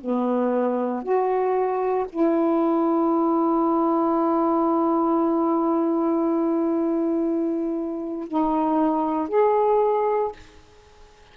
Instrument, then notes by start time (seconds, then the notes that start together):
saxophone
0.00 B3
1.03 F#4
2.09 E4
8.27 D#4
9.28 G#4